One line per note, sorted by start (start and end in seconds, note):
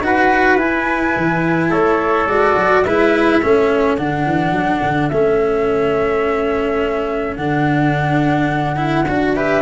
0.00 0.56 D#4
0.00 0.58 F#4
0.00 1.69 B4
0.00 0.59 F#5
0.56 1.13 E4
0.56 2.28 E4
0.56 1.72 G#5
1.16 1.70 E3
1.69 2.26 A3
1.69 2.82 A4
1.69 2.27 C#5
2.26 2.54 G#3
2.26 2.85 F#4
2.26 2.83 D5
2.56 2.84 F#3
2.83 3.41 G#3
2.83 3.42 E4
2.83 3.42 B4
2.83 3.96 E5
3.42 3.99 A3
3.42 3.97 C#4
3.42 9.35 A4
3.97 4.26 D3
3.97 5.11 D4
3.97 5.08 F#5
4.26 4.52 E3
4.52 4.80 F#3
4.82 5.10 D3
5.08 7.36 A3
5.08 7.38 C#4
5.08 7.35 E5
7.36 9.06 D3
7.36 8.76 D4
7.36 9.34 F#5
8.76 9.04 E4
9.08 9.62 D4
9.08 9.36 F#4
9.34 9.62 G4
9.34 9.62 B4
9.34 9.62 E5